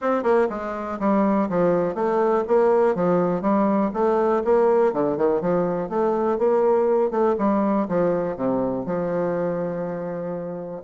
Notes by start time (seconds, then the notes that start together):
0.01 C4
0.23 A#3
0.49 G#3
0.99 G3
1.49 F3
1.94 A3
2.47 A#3
2.95 F3
3.41 G3
3.93 A3
4.44 A#3
4.93 D3
5.17 D#3
5.41 F3
5.89 A3
6.38 A#3
7.10 A3
7.38 G3
7.88 F3
8.36 C3
8.85 F3